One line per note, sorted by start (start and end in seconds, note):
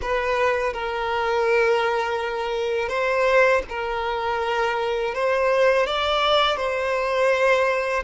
0.01 0.73 B4
0.73 2.88 A#4
2.88 3.62 C5
3.69 5.14 A#4
5.14 5.86 C5
5.86 6.57 D5
6.57 8.03 C5